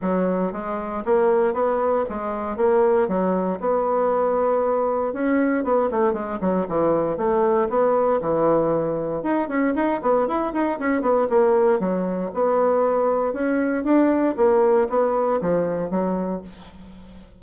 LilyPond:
\new Staff \with { instrumentName = "bassoon" } { \time 4/4 \tempo 4 = 117 fis4 gis4 ais4 b4 | gis4 ais4 fis4 b4~ | b2 cis'4 b8 a8 | gis8 fis8 e4 a4 b4 |
e2 dis'8 cis'8 dis'8 b8 | e'8 dis'8 cis'8 b8 ais4 fis4 | b2 cis'4 d'4 | ais4 b4 f4 fis4 | }